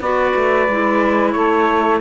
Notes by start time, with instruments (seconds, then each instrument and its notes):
0.00 cello B3, clarinet F#4, saxophone B4, trumpet D5
0.36 cello A3
0.68 cello G#3, clarinet E4
1.32 cello A3, saxophone A4, trumpet C#5